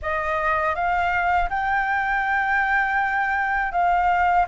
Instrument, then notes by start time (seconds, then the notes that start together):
flute
0.02 D#5
0.75 F5
1.49 G5
3.71 F5